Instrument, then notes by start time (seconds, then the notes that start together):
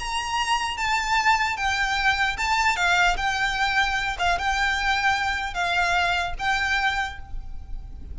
violin
0.00 A#5
0.78 A5
1.57 G5
2.38 A5
2.77 F5
3.17 G5
4.19 F5
4.39 G5
5.54 F5
6.39 G5